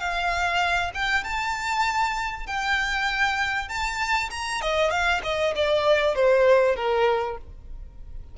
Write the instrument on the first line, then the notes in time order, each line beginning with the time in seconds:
violin
0.00 F5
0.95 G5
1.24 A5
2.47 G5
3.69 A5
4.31 A#5
4.62 D#5
4.91 F5
5.24 D#5
5.56 D5
6.16 C5
6.76 A#4